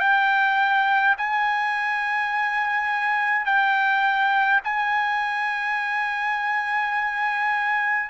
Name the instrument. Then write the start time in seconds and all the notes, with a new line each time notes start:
trumpet
0.00 G5
1.17 G#5
3.46 G5
4.64 G#5